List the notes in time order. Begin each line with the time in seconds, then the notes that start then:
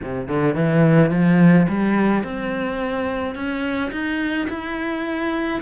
0.02 C3
0.28 D3
0.54 E3
1.10 F3
1.68 G3
2.23 C4
3.35 C#4
3.91 D#4
4.49 E4